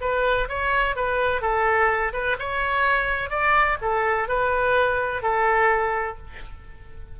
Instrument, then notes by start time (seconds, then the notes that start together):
oboe
0.00 B4
0.48 C#5
0.95 B4
1.41 A4
2.13 B4
2.39 C#5
3.29 D5
3.81 A4
4.28 B4
5.22 A4